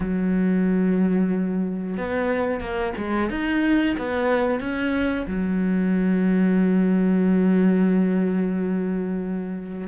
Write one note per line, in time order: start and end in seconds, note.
0.00 1.97 F#3
1.97 2.60 B3
2.60 2.93 A#3
2.97 3.30 G#3
3.30 3.96 D#4
3.97 4.60 B3
4.60 5.26 C#4
5.27 9.87 F#3